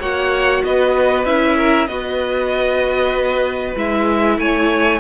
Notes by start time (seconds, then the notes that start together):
0.00 A#3 F#4 C#5 F#5
0.64 B3 B4 D#5
1.25 C#4 E4 E5
1.57 A#4
1.87 B3 F#4 B4 D#5
3.76 G#3 E4 E5
4.38 A3 C#5 G#5